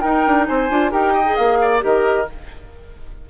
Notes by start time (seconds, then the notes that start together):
0.00 D#4 A#4 G5
0.26 D4
0.46 C4 C5 G#5
0.70 D4 F4
0.90 D#4 G4 A#4 G5
1.12 D#5
1.24 G#4
1.36 A#3 F5
1.61 D5
1.79 D#3 G4 A#4 D#5